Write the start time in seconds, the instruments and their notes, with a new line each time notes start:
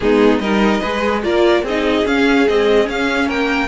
0.00 cello G#3, viola B3, violin D#4 G#4
0.39 cello G3, viola D#4, violin A#4 D#5
0.81 cello G#3, viola G#4, violin B4
1.23 cello A#3, viola F4, violin A#4 D5
1.62 cello C4, violin G#4 D#5
1.68 viola D#4
2.05 viola C#4, cello C#4, violin F5
2.47 viola G#3, cello C4, violin D#5
2.85 viola C#4, cello C#4, violin F5
3.27 cello A#3, violin A#4 G5